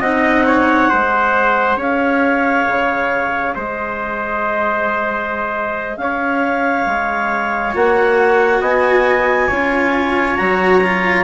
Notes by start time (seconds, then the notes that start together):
0.00 C4 D#4 D#5 F#5
0.46 C#5
0.89 G#3 G#4 C5
1.77 C#4 C#5 F5
2.67 C#3
3.56 G#3 C5 D#5
5.97 C#4 C#5 F5
6.87 G#3
7.74 A#3 F#4 F#5
8.61 B3 D#5 G#5
9.48 C#4 F4 C#5
10.37 F#3 F#4 A#5
10.84 F4